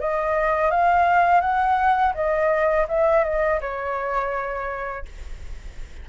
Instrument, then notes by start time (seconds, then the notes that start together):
flute
0.00 D#5
0.71 F5
1.41 F#5
2.15 D#5
2.88 E5
3.24 D#5
3.61 C#5